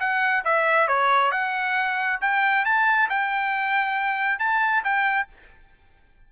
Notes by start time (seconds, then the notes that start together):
0.00 F#5
0.45 E5
0.88 C#5
1.32 F#5
2.21 G5
2.65 A5
3.10 G5
4.39 A5
4.84 G5